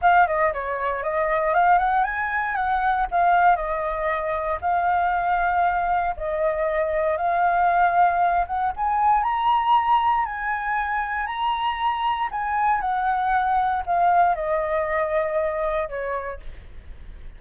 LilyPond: \new Staff \with { instrumentName = "flute" } { \time 4/4 \tempo 4 = 117 f''8 dis''8 cis''4 dis''4 f''8 fis''8 | gis''4 fis''4 f''4 dis''4~ | dis''4 f''2. | dis''2 f''2~ |
f''8 fis''8 gis''4 ais''2 | gis''2 ais''2 | gis''4 fis''2 f''4 | dis''2. cis''4 | }